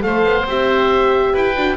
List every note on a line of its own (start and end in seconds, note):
0.00 0.24 A3
0.00 0.44 A4
0.00 1.33 C5
0.00 0.46 F5
0.24 0.46 B3
0.46 1.34 C4
0.46 1.56 G4
0.46 1.36 E5
1.33 1.56 E4
1.33 1.77 B4
1.33 1.77 G5
1.56 1.77 D4
1.56 1.77 F#4